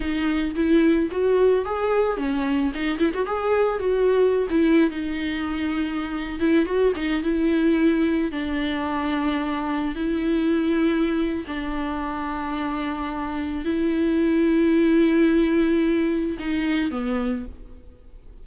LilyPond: \new Staff \with { instrumentName = "viola" } { \time 4/4 \tempo 4 = 110 dis'4 e'4 fis'4 gis'4 | cis'4 dis'8 e'16 fis'16 gis'4 fis'4~ | fis'16 e'8. dis'2~ dis'8. e'16~ | e'16 fis'8 dis'8 e'2 d'8.~ |
d'2~ d'16 e'4.~ e'16~ | e'4 d'2.~ | d'4 e'2.~ | e'2 dis'4 b4 | }